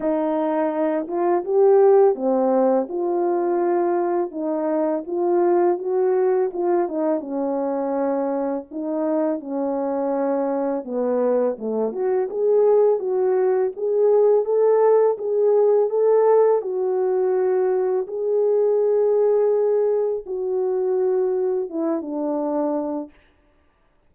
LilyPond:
\new Staff \with { instrumentName = "horn" } { \time 4/4 \tempo 4 = 83 dis'4. f'8 g'4 c'4 | f'2 dis'4 f'4 | fis'4 f'8 dis'8 cis'2 | dis'4 cis'2 b4 |
a8 fis'8 gis'4 fis'4 gis'4 | a'4 gis'4 a'4 fis'4~ | fis'4 gis'2. | fis'2 e'8 d'4. | }